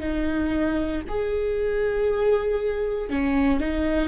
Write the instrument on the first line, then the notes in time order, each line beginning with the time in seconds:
viola
0.00 D#4
1.08 G#4
3.09 C#4
3.60 D#4